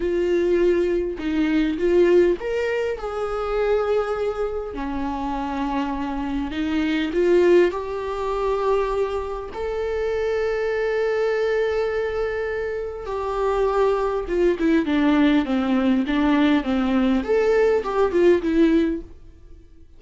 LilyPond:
\new Staff \with { instrumentName = "viola" } { \time 4/4 \tempo 4 = 101 f'2 dis'4 f'4 | ais'4 gis'2. | cis'2. dis'4 | f'4 g'2. |
a'1~ | a'2 g'2 | f'8 e'8 d'4 c'4 d'4 | c'4 a'4 g'8 f'8 e'4 | }